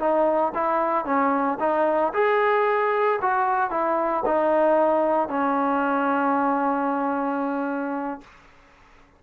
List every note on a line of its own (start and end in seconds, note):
0.00 0.53 D#4
0.55 1.06 E4
1.06 1.59 C#4
1.60 2.13 D#4
2.14 3.20 G#4
3.22 3.71 F#4
3.71 4.24 E4
4.26 5.29 D#4
5.29 8.21 C#4